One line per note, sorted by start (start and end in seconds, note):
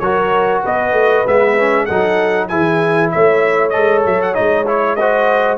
0.00 0.63 F#3
0.00 1.27 F#4
0.00 0.63 A#4
0.00 0.62 C#5
0.63 0.93 B3
0.63 1.86 B4
0.63 1.27 D#5
0.93 1.24 A3
1.27 1.90 G#3
1.27 1.58 B3
1.27 1.86 E5
1.58 1.89 C#4
1.86 2.52 F#3
1.86 2.50 D#4
1.86 2.48 A4
1.86 2.48 F#5
2.48 3.14 E3
2.48 3.73 E4
2.48 3.11 G#4
2.48 3.10 G#5
3.11 3.76 A3
3.11 4.99 C#5
3.11 3.70 E5
3.70 4.06 G#3
3.70 4.35 A4
3.70 4.01 D#5
4.06 4.37 F#3
4.06 4.22 E5
4.22 4.35 F#5
4.35 5.58 G#3
4.35 4.65 D#4
4.35 4.65 D#5
4.67 4.98 E4
4.67 4.96 C#5
4.96 5.58 F#4
4.96 5.58 C5
4.96 5.58 D#5